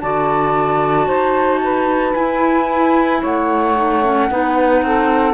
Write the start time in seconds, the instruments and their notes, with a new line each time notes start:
0.00 cello D3, clarinet F#4, saxophone D5, flute A5
1.07 cello D#4, saxophone C5
1.63 saxophone B4
2.14 cello E4, clarinet E4, flute G#5
3.21 cello A3, saxophone C#5, flute F#5
3.75 clarinet D#4
4.03 clarinet C#4
4.30 cello B3, clarinet D#4, saxophone B4
4.82 cello C4, saxophone A4